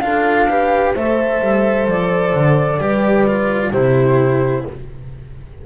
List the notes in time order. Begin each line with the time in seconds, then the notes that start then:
0.00 D4 F4 A4 F5
0.48 G4 B4
0.94 A3 A4 C5 E5
1.41 G3
1.87 F3 D5
2.33 D3
2.78 G3 G4 B4
3.27 F4
3.71 C3 E4 G4 C5